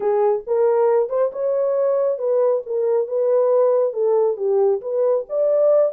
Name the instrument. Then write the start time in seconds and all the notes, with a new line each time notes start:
horn
0.00 G#4
0.46 A#4
1.09 C5
1.32 C#5
2.18 B4
2.66 A#4
3.07 B4
3.93 A4
4.37 G4
4.81 B4
5.29 D5